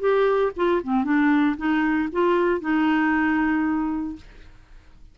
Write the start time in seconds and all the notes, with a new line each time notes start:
0.00 G4
0.56 F4
0.83 C4
1.04 D4
1.57 D#4
2.12 F4
2.61 D#4